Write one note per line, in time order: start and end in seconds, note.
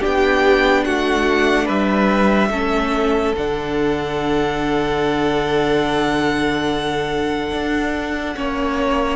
0.00 0.87 B3
0.00 2.51 D4
0.00 0.83 G4
0.00 0.84 G5
0.84 1.69 A3
0.84 1.65 F#4
0.84 1.68 F#5
1.65 2.50 G3
1.65 2.49 B4
1.65 3.35 E5
2.50 3.33 A3
2.50 3.35 C#4
2.50 8.35 A4
3.36 7.52 D3
3.36 8.35 D4
3.36 9.16 F#5
7.52 8.36 D4
8.35 9.16 A#3
8.35 9.16 C#4
8.35 9.16 C#5